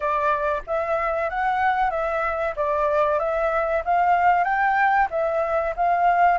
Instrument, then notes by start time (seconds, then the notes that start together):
flute
0.00 D5
0.66 E5
1.29 F#5
1.90 E5
2.55 D5
3.19 E5
3.85 F5
4.44 G5
5.10 E5
5.76 F5